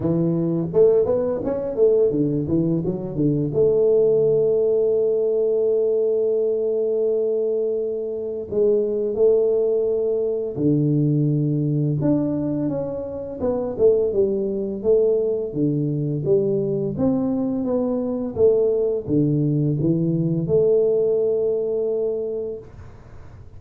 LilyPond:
\new Staff \with { instrumentName = "tuba" } { \time 4/4 \tempo 4 = 85 e4 a8 b8 cis'8 a8 d8 e8 | fis8 d8 a2.~ | a1 | gis4 a2 d4~ |
d4 d'4 cis'4 b8 a8 | g4 a4 d4 g4 | c'4 b4 a4 d4 | e4 a2. | }